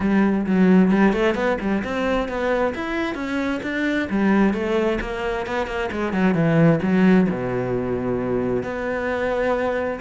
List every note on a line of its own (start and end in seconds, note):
0.00 0.45 G3
0.46 0.91 F#3
0.91 1.13 G3
1.13 1.34 A3
1.34 1.57 B3
1.60 1.83 G3
1.83 2.28 C4
2.28 2.73 B3
2.75 3.15 E4
3.15 3.60 C#4
3.62 4.08 D4
4.10 4.53 G3
4.53 4.99 A3
5.01 5.46 A#3
5.46 5.67 B3
5.67 5.89 A#3
5.91 6.12 G#3
6.12 6.34 F#3
6.34 6.79 E3
6.82 7.27 F#3
7.29 8.63 B2
8.63 9.99 B3